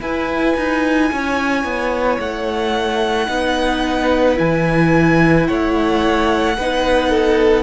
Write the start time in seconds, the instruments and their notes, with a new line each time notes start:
0.00 cello E4, viola E4, violin B4 G#5
0.56 cello D#4
1.12 cello C#4, violin C#5
1.64 cello B3
2.19 cello A3, violin F#5
3.27 cello B3, viola D#4, violin B4
4.36 cello E3, viola E4, violin G#5
5.47 cello A3, violin C#5 F#5
6.57 cello B3, viola D#4, violin B4
7.10 violin A4